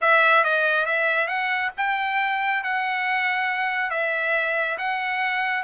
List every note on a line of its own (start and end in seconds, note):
0.01 0.44 E5
0.44 0.86 D#5
0.86 1.27 E5
1.27 1.71 F#5
1.77 2.63 G5
2.63 3.90 F#5
3.90 4.77 E5
4.78 5.63 F#5